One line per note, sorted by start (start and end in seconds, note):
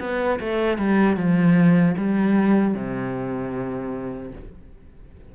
0.00 0.39 B3
0.40 0.78 A3
0.78 1.17 G3
1.17 1.96 F3
1.97 2.75 G3
2.75 4.32 C3